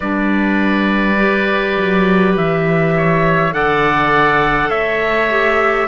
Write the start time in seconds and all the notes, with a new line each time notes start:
0.00 G3 D4 B4 D5
1.16 G4
1.77 F#3
2.36 E3 E5
2.96 C#5
3.51 D3 A4 D5 F#5
4.69 A3 C#5 E5
5.29 G4